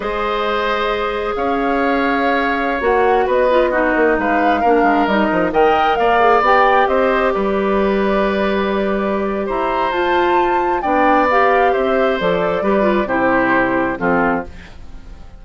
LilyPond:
<<
  \new Staff \with { instrumentName = "flute" } { \time 4/4 \tempo 4 = 133 dis''2. f''4~ | f''2~ f''16 fis''4 dis''8.~ | dis''4~ dis''16 f''2 dis''8.~ | dis''16 g''4 f''4 g''4 dis''8.~ |
dis''16 d''2.~ d''8.~ | d''4 ais''4 a''2 | g''4 f''4 e''4 d''4~ | d''4 c''2 a'4 | }
  \new Staff \with { instrumentName = "oboe" } { \time 4/4 c''2. cis''4~ | cis''2.~ cis''16 b'8.~ | b'16 fis'4 b'4 ais'4.~ ais'16~ | ais'16 dis''4 d''2 c''8.~ |
c''16 b'2.~ b'8.~ | b'4 c''2. | d''2 c''2 | b'4 g'2 f'4 | }
  \new Staff \with { instrumentName = "clarinet" } { \time 4/4 gis'1~ | gis'2~ gis'16 fis'4. f'16~ | f'16 dis'2 d'4 dis'8.~ | dis'16 ais'4. gis'8 g'4.~ g'16~ |
g'1~ | g'2 f'2 | d'4 g'2 a'4 | g'8 f'8 e'2 c'4 | }
  \new Staff \with { instrumentName = "bassoon" } { \time 4/4 gis2. cis'4~ | cis'2~ cis'16 ais4 b8.~ | b8. ais8 gis4 ais8 gis8 g8 f16~ | f16 dis4 ais4 b4 c'8.~ |
c'16 g2.~ g8.~ | g4 e'4 f'2 | b2 c'4 f4 | g4 c2 f4 | }
>>